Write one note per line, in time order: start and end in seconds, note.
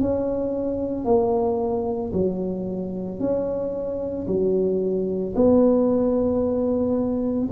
0.00 1.05 C#4
1.05 2.12 A#3
2.13 3.19 F#3
3.19 4.27 C#4
4.27 5.34 F#3
5.35 7.50 B3